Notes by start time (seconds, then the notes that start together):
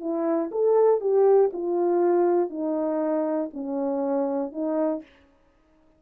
0.00 E4
0.51 A4
1.00 G4
1.53 F4
2.50 D#4
3.54 C#4
4.52 D#4